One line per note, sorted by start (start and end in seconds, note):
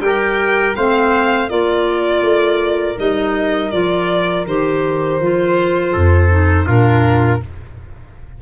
0.00 0.74 G3
0.00 0.76 G4
0.00 0.76 A#4
0.00 0.75 G5
0.76 1.51 A3
0.76 1.49 C4
0.76 1.50 C5
0.76 1.49 F5
1.49 2.22 A#3
1.49 2.96 F4
1.49 5.92 A#4
1.49 2.98 D5
2.22 2.96 A3
2.96 3.73 G3
2.96 3.70 D#4
2.96 3.71 D#5
3.71 4.46 F3
3.71 4.46 F4
3.71 4.45 D5
4.46 5.20 D#3
4.46 5.22 G4
4.46 6.68 C5
5.20 5.94 F3
5.20 6.30 F4
5.92 6.68 F2
5.92 6.66 A4
6.30 6.66 D#4
6.66 7.42 A#2
6.66 7.40 D4
6.66 7.41 F4
6.66 7.42 A#4